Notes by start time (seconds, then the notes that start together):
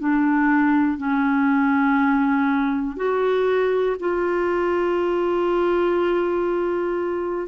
0.00 D4
0.98 C#4
2.96 F#4
4.00 F4